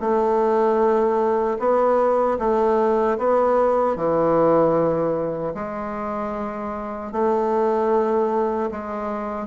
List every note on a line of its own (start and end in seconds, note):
0.00 1.58 A3
1.59 2.38 B3
2.39 3.18 A3
3.18 3.96 B3
3.96 5.54 E3
5.54 7.12 G#3
7.12 8.70 A3
8.71 9.47 G#3